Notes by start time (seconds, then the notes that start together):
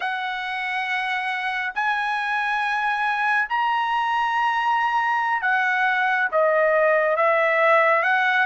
0.00 F#5
1.74 G#5
3.49 A#5
5.42 F#5
6.31 D#5
7.16 E5
8.02 F#5